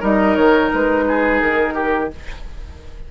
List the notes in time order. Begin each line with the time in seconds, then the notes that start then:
0.00 G3 D#4 A#4 D#5
0.36 D#3 C#5
0.73 G#3 B4
1.08 G#4
1.41 D#3 A#4
1.74 G4